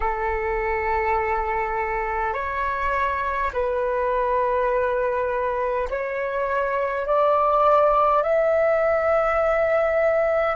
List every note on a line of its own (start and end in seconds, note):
0.00 2.33 A4
2.33 3.51 C#5
3.53 5.88 B4
5.89 7.06 C#5
7.06 8.22 D5
8.22 10.56 E5